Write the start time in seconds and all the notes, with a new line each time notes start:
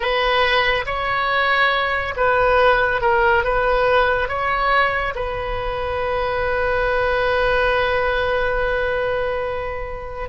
0.00 B4
0.86 C#5
2.16 B4
3.01 A#4
3.44 B4
4.28 C#5
5.15 B4